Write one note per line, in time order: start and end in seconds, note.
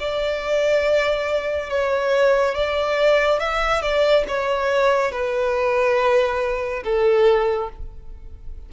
0.00 1.69 D5
1.69 2.55 C#5
2.55 3.40 D5
3.40 3.82 E5
3.82 4.25 D5
4.28 5.12 C#5
5.12 6.83 B4
6.84 7.69 A4